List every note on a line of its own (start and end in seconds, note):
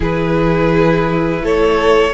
0.00 1.41 E3
0.00 2.12 E4
0.00 1.42 G#4
0.00 1.45 B4
1.41 2.12 A3
1.41 2.13 A4
1.41 2.13 C#5